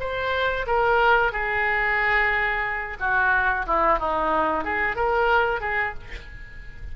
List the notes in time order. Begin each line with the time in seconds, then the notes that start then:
0.00 C5
0.67 A#4
1.32 G#4
3.00 F#4
3.67 E4
3.99 D#4
4.64 G#4
4.96 A#4
5.61 G#4